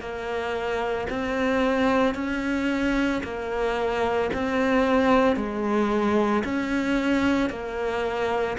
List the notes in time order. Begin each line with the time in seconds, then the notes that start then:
0.00 A#3
1.10 C4
2.15 C#4
3.23 A#3
4.33 C4
5.37 G#3
6.44 C#4
7.50 A#3